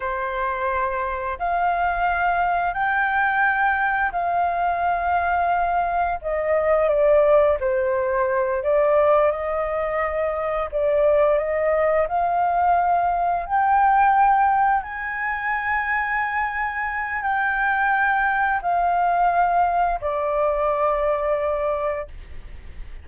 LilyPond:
\new Staff \with { instrumentName = "flute" } { \time 4/4 \tempo 4 = 87 c''2 f''2 | g''2 f''2~ | f''4 dis''4 d''4 c''4~ | c''8 d''4 dis''2 d''8~ |
d''8 dis''4 f''2 g''8~ | g''4. gis''2~ gis''8~ | gis''4 g''2 f''4~ | f''4 d''2. | }